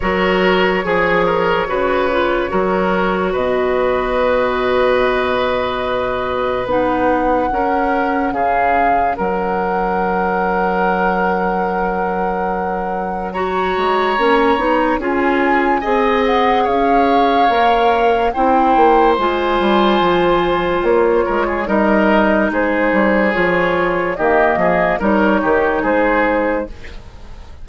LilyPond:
<<
  \new Staff \with { instrumentName = "flute" } { \time 4/4 \tempo 4 = 72 cis''1 | dis''1 | fis''2 f''4 fis''4~ | fis''1 |
ais''2 gis''4. fis''8 | f''2 g''4 gis''4~ | gis''4 cis''4 dis''4 c''4 | cis''4 dis''4 cis''4 c''4 | }
  \new Staff \with { instrumentName = "oboe" } { \time 4/4 ais'4 gis'8 ais'8 b'4 ais'4 | b'1~ | b'4 ais'4 gis'4 ais'4~ | ais'1 |
cis''2 gis'4 dis''4 | cis''2 c''2~ | c''4. ais'16 gis'16 ais'4 gis'4~ | gis'4 g'8 gis'8 ais'8 g'8 gis'4 | }
  \new Staff \with { instrumentName = "clarinet" } { \time 4/4 fis'4 gis'4 fis'8 f'8 fis'4~ | fis'1 | dis'4 cis'2.~ | cis'1 |
fis'4 cis'8 dis'8 f'4 gis'4~ | gis'4 ais'4 e'4 f'4~ | f'2 dis'2 | f'4 ais4 dis'2 | }
  \new Staff \with { instrumentName = "bassoon" } { \time 4/4 fis4 f4 cis4 fis4 | b,1 | b4 cis'4 cis4 fis4~ | fis1~ |
fis8 gis8 ais8 b8 cis'4 c'4 | cis'4 ais4 c'8 ais8 gis8 g8 | f4 ais8 gis8 g4 gis8 g8 | f4 dis8 f8 g8 dis8 gis4 | }
>>